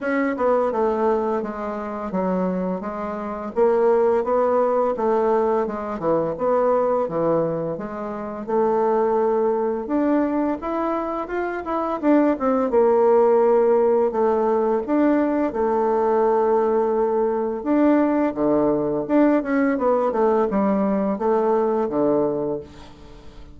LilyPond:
\new Staff \with { instrumentName = "bassoon" } { \time 4/4 \tempo 4 = 85 cis'8 b8 a4 gis4 fis4 | gis4 ais4 b4 a4 | gis8 e8 b4 e4 gis4 | a2 d'4 e'4 |
f'8 e'8 d'8 c'8 ais2 | a4 d'4 a2~ | a4 d'4 d4 d'8 cis'8 | b8 a8 g4 a4 d4 | }